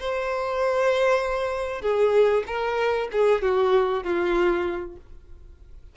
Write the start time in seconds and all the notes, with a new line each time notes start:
0.00 C5
1.82 G#4
2.47 A#4
3.12 G#4
3.42 F#4
4.04 F4